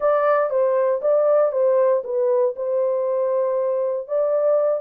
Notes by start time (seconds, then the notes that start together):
0.00 D5
0.50 C5
1.01 D5
1.52 C5
2.04 B4
2.55 C5
4.07 D5